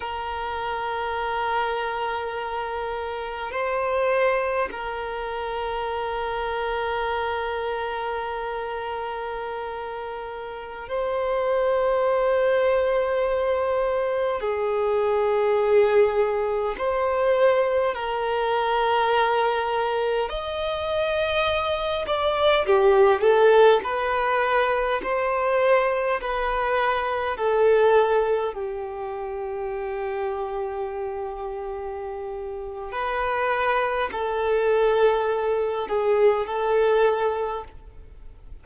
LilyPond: \new Staff \with { instrumentName = "violin" } { \time 4/4 \tempo 4 = 51 ais'2. c''4 | ais'1~ | ais'4~ ais'16 c''2~ c''8.~ | c''16 gis'2 c''4 ais'8.~ |
ais'4~ ais'16 dis''4. d''8 g'8 a'16~ | a'16 b'4 c''4 b'4 a'8.~ | a'16 g'2.~ g'8. | b'4 a'4. gis'8 a'4 | }